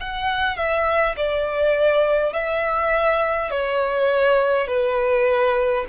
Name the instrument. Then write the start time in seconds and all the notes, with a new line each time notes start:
violin
0.00 F#5
0.57 E5
1.17 D5
2.33 E5
3.50 C#5
4.67 B4